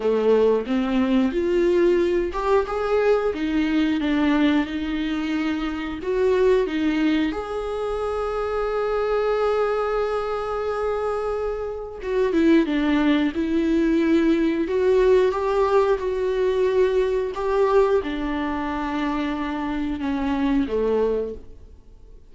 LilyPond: \new Staff \with { instrumentName = "viola" } { \time 4/4 \tempo 4 = 90 a4 c'4 f'4. g'8 | gis'4 dis'4 d'4 dis'4~ | dis'4 fis'4 dis'4 gis'4~ | gis'1~ |
gis'2 fis'8 e'8 d'4 | e'2 fis'4 g'4 | fis'2 g'4 d'4~ | d'2 cis'4 a4 | }